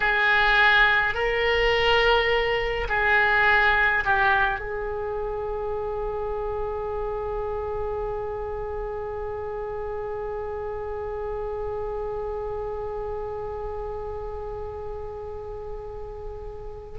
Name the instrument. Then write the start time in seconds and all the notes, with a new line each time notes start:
oboe
0.00 G#4
1.14 A#4
2.88 G#4
4.04 G4
4.59 G#4